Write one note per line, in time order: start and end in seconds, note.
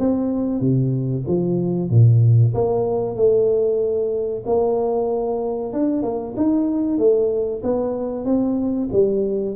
0.00 0.61 C4
0.61 1.25 C3
1.28 1.91 F3
1.91 2.54 A#2
2.55 3.16 A#3
3.16 4.44 A3
4.46 5.73 A#3
5.73 6.03 D4
6.03 6.35 A#3
6.37 6.99 D#4
6.99 7.62 A3
7.63 8.25 B3
8.25 8.89 C4
8.92 9.56 G3